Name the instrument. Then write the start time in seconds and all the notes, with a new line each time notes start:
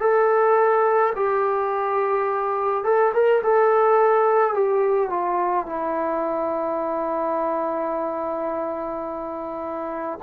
trombone
0.00 A4
1.15 G4
2.84 A4
3.13 A#4
3.43 A4
4.54 G4
5.09 F4
5.66 E4